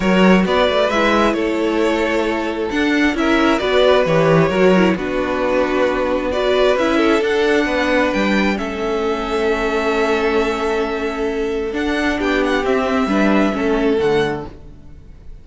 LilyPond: <<
  \new Staff \with { instrumentName = "violin" } { \time 4/4 \tempo 4 = 133 cis''4 d''4 e''4 cis''4~ | cis''2 fis''4 e''4 | d''4 cis''2 b'4~ | b'2 d''4 e''4 |
fis''2 g''4 e''4~ | e''1~ | e''2 fis''4 g''8 fis''8 | e''2. fis''4 | }
  \new Staff \with { instrumentName = "violin" } { \time 4/4 ais'4 b'2 a'4~ | a'2. ais'4 | b'2 ais'4 fis'4~ | fis'2 b'4. a'8~ |
a'4 b'2 a'4~ | a'1~ | a'2. g'4~ | g'4 b'4 a'2 | }
  \new Staff \with { instrumentName = "viola" } { \time 4/4 fis'2 e'2~ | e'2 d'4 e'4 | fis'4 g'4 fis'8 e'8 d'4~ | d'2 fis'4 e'4 |
d'2. cis'4~ | cis'1~ | cis'2 d'2 | c'4 d'4 cis'4 a4 | }
  \new Staff \with { instrumentName = "cello" } { \time 4/4 fis4 b8 a8 gis4 a4~ | a2 d'4 cis'4 | b4 e4 fis4 b4~ | b2. cis'4 |
d'4 b4 g4 a4~ | a1~ | a2 d'4 b4 | c'4 g4 a4 d4 | }
>>